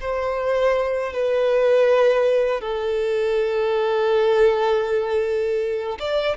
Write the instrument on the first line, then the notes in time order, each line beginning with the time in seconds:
violin
0.00 C5
1.12 B4
2.61 A4
5.99 D5